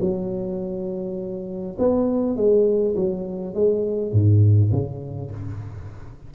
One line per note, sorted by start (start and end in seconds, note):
0.00 1.76 F#3
1.78 2.36 B3
2.36 2.95 G#3
2.95 3.54 F#3
3.54 4.12 G#3
4.12 4.71 G#2
4.72 5.30 C#3